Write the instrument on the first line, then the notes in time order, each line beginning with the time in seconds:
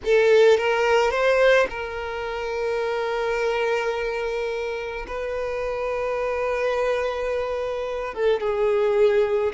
violin
0.04 A4
0.57 A#4
1.11 C5
1.69 A#4
5.07 B4
8.14 A4
8.40 G#4